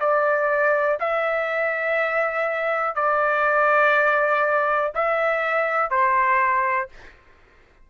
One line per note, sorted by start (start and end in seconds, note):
0.00 0.98 D5
1.00 2.95 E5
2.95 4.92 D5
4.95 5.90 E5
5.90 6.89 C5